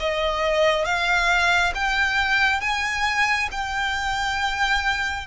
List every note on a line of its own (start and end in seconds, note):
0.00 0.85 D#5
0.85 1.73 F5
1.74 2.61 G5
2.61 3.49 G#5
3.52 5.27 G5